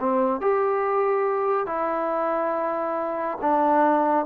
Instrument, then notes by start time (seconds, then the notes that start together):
trombone
0.00 C4
0.41 G4
1.67 E4
3.42 D4